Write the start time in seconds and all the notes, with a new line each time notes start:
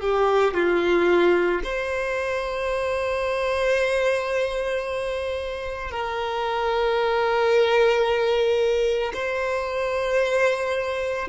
0.00 G4
0.54 F4
1.63 C5
5.91 A#4
9.13 C5